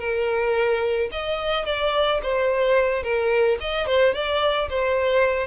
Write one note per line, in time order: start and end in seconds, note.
0.00 1.10 A#4
1.12 1.66 D#5
1.66 2.21 D5
2.23 3.04 C5
3.04 3.59 A#4
3.61 3.87 D#5
3.87 4.14 C5
4.14 4.69 D5
4.70 5.48 C5